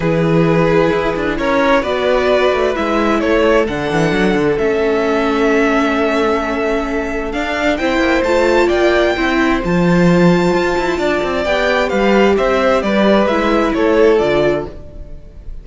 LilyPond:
<<
  \new Staff \with { instrumentName = "violin" } { \time 4/4 \tempo 4 = 131 b'2. cis''4 | d''2 e''4 cis''4 | fis''2 e''2~ | e''1 |
f''4 g''4 a''4 g''4~ | g''4 a''2.~ | a''4 g''4 f''4 e''4 | d''4 e''4 cis''4 d''4 | }
  \new Staff \with { instrumentName = "violin" } { \time 4/4 gis'2. ais'4 | b'2. a'4~ | a'1~ | a'1~ |
a'4 c''2 d''4 | c''1 | d''2 b'4 c''4 | b'2 a'2 | }
  \new Staff \with { instrumentName = "viola" } { \time 4/4 e'1 | fis'2 e'2 | d'2 cis'2~ | cis'1 |
d'4 e'4 f'2 | e'4 f'2.~ | f'4 g'2.~ | g'4 e'2 f'4 | }
  \new Staff \with { instrumentName = "cello" } { \time 4/4 e2 e'8 d'8 cis'4 | b4. a8 gis4 a4 | d8 e8 fis8 d8 a2~ | a1 |
d'4 c'8 ais8 a4 ais4 | c'4 f2 f'8 e'8 | d'8 c'8 b4 g4 c'4 | g4 gis4 a4 d4 | }
>>